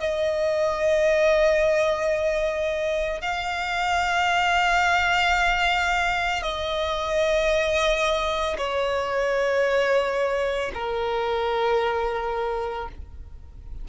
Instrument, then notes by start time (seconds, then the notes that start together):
violin
0.00 D#5
3.21 F5
6.42 D#5
8.58 C#5
10.74 A#4